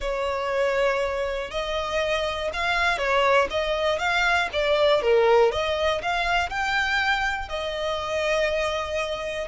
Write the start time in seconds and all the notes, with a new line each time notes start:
0.00 C#5
1.50 D#5
2.53 F5
2.97 C#5
3.50 D#5
3.98 F5
4.52 D5
5.01 A#4
5.51 D#5
6.01 F5
6.49 G5
7.48 D#5